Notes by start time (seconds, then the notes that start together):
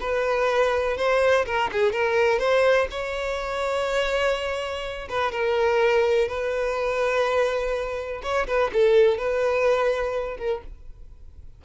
0.00 B4
0.97 C5
1.46 A#4
1.72 G#4
1.92 A#4
2.39 C5
2.91 C#5
5.09 B4
5.32 A#4
6.28 B4
8.22 C#5
8.47 B4
8.73 A4
9.18 B4
10.37 A#4